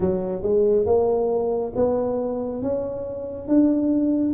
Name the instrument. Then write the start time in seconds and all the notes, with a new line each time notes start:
tuba
0.00 F#3
0.42 G#3
0.85 A#3
1.75 B3
2.62 C#4
3.47 D4